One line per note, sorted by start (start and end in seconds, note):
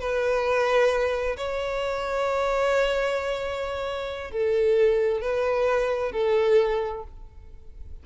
0.00 1.36 B4
1.37 4.31 C#5
4.31 5.21 A4
5.21 6.12 B4
6.12 7.03 A4